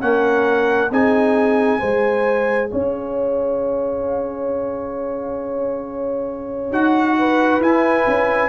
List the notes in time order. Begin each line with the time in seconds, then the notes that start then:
0.00 A#3 C#4 A#4 F#5
0.91 C4 D#4 G#4 G#5
1.79 G#3 G#4 C5
2.69 C#4 C#5 F5
6.71 D#4 F#4 F#5
7.19 B4
7.60 E4 G#5
8.07 C#4